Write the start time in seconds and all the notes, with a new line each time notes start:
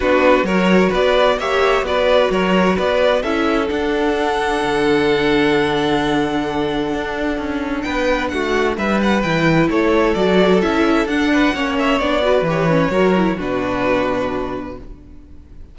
0.00 B3 D4 F#4 B4
0.43 F#3 A#4 C#5
0.49 F#4
0.89 B3 B4 D5
1.38 A#3 G4 C#5 E5
1.82 B3 F#4 B4 D5
2.30 F#3 A#4 C#5
2.76 B3 B4 D5
3.22 C#4 E4 A4 E5
3.67 D4 F#5
4.63 D3
6.93 D4
7.38 C#4
7.81 B3 B4 G5
8.28 A3 F#4 F#5
8.77 G3 B4 E5
9.02 F#5
9.21 E3 E4 G5
9.68 A3 A4 C#5
10.14 F#3 F#4 D5
10.61 C#4 E4 E5
11.05 D4 F#5
11.32 B4
11.54 A#3 C#4 C#5
11.78 E5
11.99 B3 D4 D5
12.21 F#4 B4
12.41 E3 G4
12.50 C#5
12.69 C#4
12.90 F#3 F#4 A#4
13.16 E4
13.36 B2 D4 F#4 B4